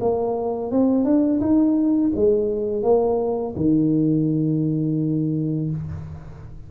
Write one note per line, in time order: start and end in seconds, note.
0.00 0.71 A#3
0.71 1.04 C4
1.04 1.40 D4
1.40 2.11 D#4
2.15 2.82 G#3
2.82 3.54 A#3
3.56 5.70 D#3